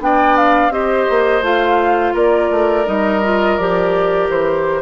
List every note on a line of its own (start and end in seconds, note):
0.00 0.70 B3
0.00 0.72 D4
0.00 0.73 D5
0.00 0.37 G5
0.37 0.73 F5
0.70 1.06 C4
0.70 1.43 G4
0.70 2.14 C5
0.70 1.44 D#5
1.10 1.42 A#3
1.42 2.13 A3
1.42 2.86 F4
1.42 2.16 F5
2.14 2.50 A#3
2.14 4.82 A#4
2.14 2.88 D5
2.51 2.87 A3
2.86 3.59 G3
2.86 3.21 D#4
2.86 3.57 D#5
3.24 3.60 F4
3.57 4.29 F3
3.57 4.82 G4
3.57 4.29 D5
4.29 4.82 E3
4.29 4.82 C5